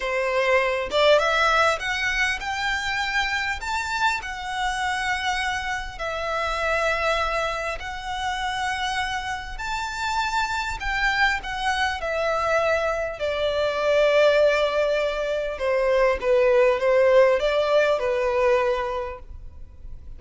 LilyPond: \new Staff \with { instrumentName = "violin" } { \time 4/4 \tempo 4 = 100 c''4. d''8 e''4 fis''4 | g''2 a''4 fis''4~ | fis''2 e''2~ | e''4 fis''2. |
a''2 g''4 fis''4 | e''2 d''2~ | d''2 c''4 b'4 | c''4 d''4 b'2 | }